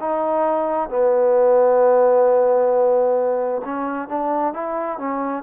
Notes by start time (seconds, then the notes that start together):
0.00 D#4
0.89 B3
3.65 C#4
4.09 D4
4.54 E4
4.99 C#4